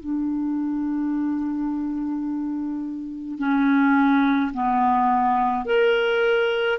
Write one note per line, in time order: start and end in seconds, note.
0.00 3.39 D4
3.39 4.52 C#4
4.53 5.66 B3
5.66 6.79 A#4